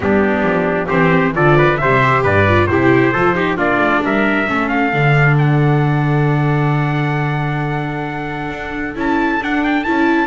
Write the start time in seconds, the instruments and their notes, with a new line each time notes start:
0.00 double bass G3, viola B3, trumpet D4 G4
0.42 double bass F3
0.87 double bass E3, viola C4, trumpet G4 C5
1.35 double bass D3, viola F3, trumpet A4 D5
1.57 trumpet B4
1.77 double bass C3, viola G3, trumpet C5 E5
2.01 viola G4
2.23 double bass G2, trumpet B4 D5
2.48 viola F4
2.67 double bass C3, viola E4, trumpet G4 C5
3.12 double bass F3, viola F4, trumpet A4
3.34 viola D#4, trumpet G4
3.56 double bass A#3, viola D4, trumpet F4 D5
3.77 double bass A3
4.03 double bass G3, trumpet A#4 E5
4.47 double bass A3, viola C#4, trumpet A4
4.68 trumpet F5
4.93 double bass D3, viola D4
5.38 trumpet F#5
8.49 double bass D4
8.94 double bass C#4, viola E4, trumpet A5
9.40 double bass D4, viola D4, trumpet F#5
9.63 trumpet G5
9.83 double bass C#4, viola E4, trumpet A5